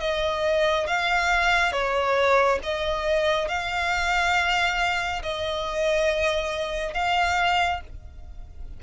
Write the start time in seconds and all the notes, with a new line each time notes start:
0.00 D#5
0.87 F5
1.72 C#5
2.63 D#5
3.49 F5
5.23 D#5
6.94 F5